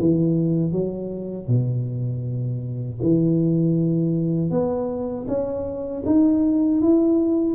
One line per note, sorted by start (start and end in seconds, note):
0.00 0.72 E3
0.72 1.48 F#3
1.48 3.00 B2
3.02 4.51 E3
4.51 5.26 B3
5.28 6.04 C#4
6.06 6.81 D#4
6.81 7.55 E4